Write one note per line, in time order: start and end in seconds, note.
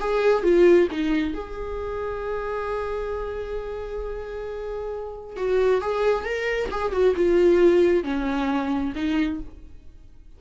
0.00 0.43 G#4
0.43 0.88 F4
0.91 1.34 D#4
1.34 5.36 G#4
5.36 5.81 F#4
5.81 6.25 G#4
6.25 6.69 A#4
6.71 6.92 G#4
6.92 7.14 F#4
7.16 8.04 F4
8.04 8.93 C#4
8.95 9.40 D#4